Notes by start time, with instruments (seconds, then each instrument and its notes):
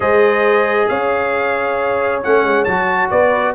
0.00 tuba G#3, trombone G#4, horn C5, trumpet D#5
0.88 tuba C#4, horn C#5, trumpet F5
2.22 tuba A3, trombone C#4, trumpet F#5
2.43 tuba G#3
2.64 tuba F#3, trombone F#4, trumpet A5
3.10 tuba B3, horn B4, trumpet D5